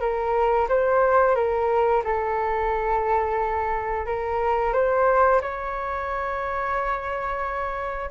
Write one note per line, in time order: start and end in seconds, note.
0.00 0.67 A#4
0.69 1.35 C5
1.35 2.03 A#4
2.04 4.06 A4
4.06 4.73 A#4
4.73 5.41 C5
5.41 8.11 C#5